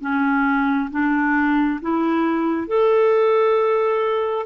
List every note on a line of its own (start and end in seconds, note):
0.00 0.90 C#4
0.90 1.80 D4
1.81 2.67 E4
2.67 4.46 A4